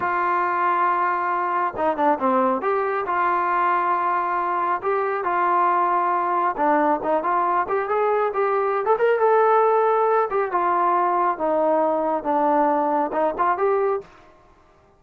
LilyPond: \new Staff \with { instrumentName = "trombone" } { \time 4/4 \tempo 4 = 137 f'1 | dis'8 d'8 c'4 g'4 f'4~ | f'2. g'4 | f'2. d'4 |
dis'8 f'4 g'8 gis'4 g'4~ | g'16 a'16 ais'8 a'2~ a'8 g'8 | f'2 dis'2 | d'2 dis'8 f'8 g'4 | }